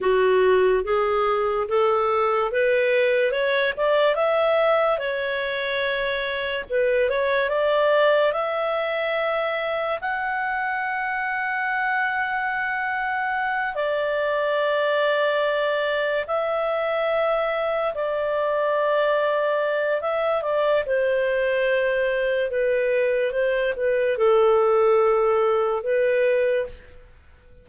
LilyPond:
\new Staff \with { instrumentName = "clarinet" } { \time 4/4 \tempo 4 = 72 fis'4 gis'4 a'4 b'4 | cis''8 d''8 e''4 cis''2 | b'8 cis''8 d''4 e''2 | fis''1~ |
fis''8 d''2. e''8~ | e''4. d''2~ d''8 | e''8 d''8 c''2 b'4 | c''8 b'8 a'2 b'4 | }